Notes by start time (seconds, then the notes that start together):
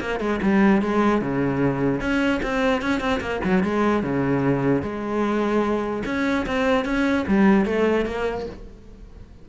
0.00 A#3
0.19 G#3
0.42 G3
0.82 G#3
1.21 C#3
2.00 C#4
2.42 C4
2.81 C#4
3.00 C4
3.20 A#3
3.44 F#3
3.63 G#3
4.03 C#3
4.82 G#3
6.05 C#4
6.46 C4
6.85 C#4
7.27 G3
7.65 A3
8.05 A#3